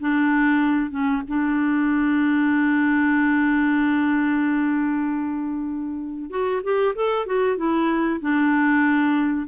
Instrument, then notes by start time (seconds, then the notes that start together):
clarinet
0.00 D4
0.90 C#4
1.28 D4
6.30 F#4
6.63 G4
6.95 A4
7.26 F#4
7.57 E4
8.20 D4